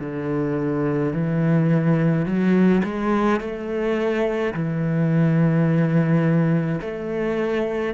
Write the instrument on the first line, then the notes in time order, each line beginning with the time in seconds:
cello
0.00 D3
1.13 E3
2.26 F#3
2.84 G#3
3.41 A3
4.54 E3
6.81 A3